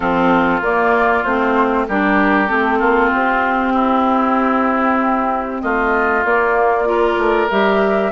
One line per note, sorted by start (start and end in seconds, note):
0.00 0.61 F3
0.00 0.62 C4
0.00 1.85 F4
0.00 0.62 A4
0.61 1.23 A#3
0.61 1.25 A#3
0.61 1.23 D5
1.23 1.87 A3
1.23 1.88 C4
1.23 1.86 C5
1.88 2.50 G3
1.88 2.47 D4
1.88 2.79 G4
1.88 2.47 A#4
2.47 2.80 A3
2.47 6.22 C4
2.47 3.10 A4
2.79 3.11 A#3
2.79 3.72 F4
3.13 5.62 C4
3.13 5.61 G4
3.73 5.61 E4
5.61 6.24 A3
5.61 6.88 F4
5.61 6.23 D#5
6.24 7.16 A#3
6.24 6.85 A#3
6.24 7.50 D5
6.85 7.47 F4
6.85 8.11 A#4
7.16 7.47 A3
7.50 8.11 G3
7.50 8.11 G4
7.50 8.11 E5